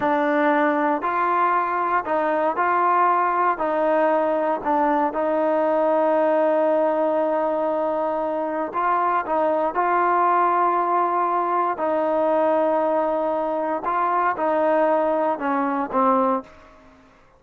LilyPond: \new Staff \with { instrumentName = "trombone" } { \time 4/4 \tempo 4 = 117 d'2 f'2 | dis'4 f'2 dis'4~ | dis'4 d'4 dis'2~ | dis'1~ |
dis'4 f'4 dis'4 f'4~ | f'2. dis'4~ | dis'2. f'4 | dis'2 cis'4 c'4 | }